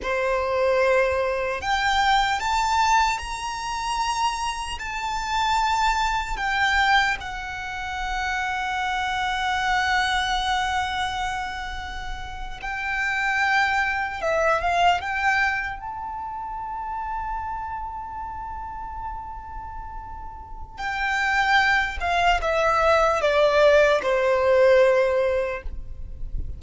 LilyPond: \new Staff \with { instrumentName = "violin" } { \time 4/4 \tempo 4 = 75 c''2 g''4 a''4 | ais''2 a''2 | g''4 fis''2.~ | fis''2.~ fis''8. g''16~ |
g''4.~ g''16 e''8 f''8 g''4 a''16~ | a''1~ | a''2 g''4. f''8 | e''4 d''4 c''2 | }